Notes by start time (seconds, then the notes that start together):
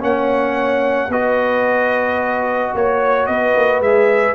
0.00 A#3 C#4 C#5 F#5
1.09 B3 F#4 B4 D#5
2.74 A#3 C#5
3.26 B3 B4 D#5
3.56 A#3
3.80 G#3 G#4 E5